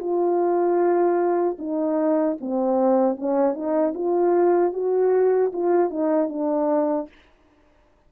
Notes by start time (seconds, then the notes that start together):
0.00 F4
1.59 D#4
2.41 C4
3.17 C#4
3.55 D#4
3.94 F4
4.73 F#4
5.53 F4
5.91 D#4
6.29 D4